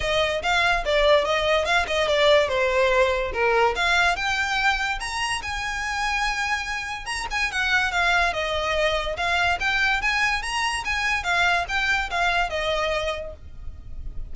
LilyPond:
\new Staff \with { instrumentName = "violin" } { \time 4/4 \tempo 4 = 144 dis''4 f''4 d''4 dis''4 | f''8 dis''8 d''4 c''2 | ais'4 f''4 g''2 | ais''4 gis''2.~ |
gis''4 ais''8 gis''8 fis''4 f''4 | dis''2 f''4 g''4 | gis''4 ais''4 gis''4 f''4 | g''4 f''4 dis''2 | }